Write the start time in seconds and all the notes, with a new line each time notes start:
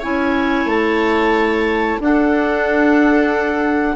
0.00 C#4 E4 C#5 G#5
0.66 A3 A5
2.00 D4 A4 F#5